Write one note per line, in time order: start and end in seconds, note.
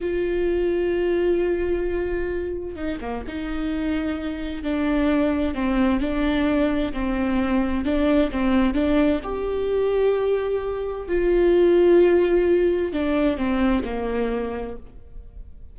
0.00 2.75 F4
2.75 2.99 D#4
3.01 3.24 A#3
3.27 4.63 D#4
4.63 5.54 D4
5.54 6.00 C4
6.00 6.92 D4
6.92 7.84 C4
7.84 8.30 D4
8.31 8.74 C4
8.74 9.20 D4
9.23 11.08 G4
11.08 12.92 F4
12.93 13.37 D4
13.37 13.83 C4
13.84 14.76 A#3